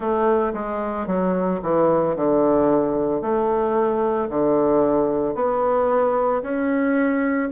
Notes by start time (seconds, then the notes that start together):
0.00 A3
0.53 G#3
1.07 F#3
1.62 E3
2.15 D3
3.21 A3
4.29 D3
5.35 B3
6.42 C#4